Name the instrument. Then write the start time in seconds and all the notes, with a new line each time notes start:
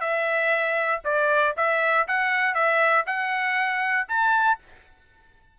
trumpet
0.00 E5
1.04 D5
1.56 E5
2.07 F#5
2.54 E5
3.06 F#5
4.08 A5